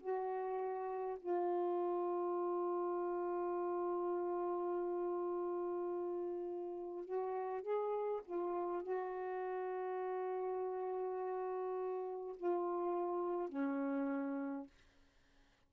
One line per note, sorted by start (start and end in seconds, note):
0.00 1.18 F#4
1.19 7.05 F4
7.05 7.62 F#4
7.62 8.21 G#4
8.25 8.83 F4
8.83 12.36 F#4
12.37 13.49 F4
13.49 14.67 C#4